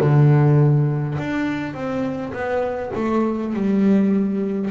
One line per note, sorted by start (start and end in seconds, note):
0.00 1.18 D3
1.18 1.74 D4
1.74 2.33 C4
2.33 2.92 B3
2.95 3.53 A3
3.53 4.71 G3